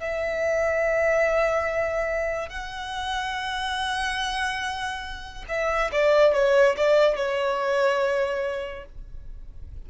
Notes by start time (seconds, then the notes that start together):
0.00 E5
2.49 F#5
5.49 E5
5.92 D5
6.33 C#5
6.77 D5
7.16 C#5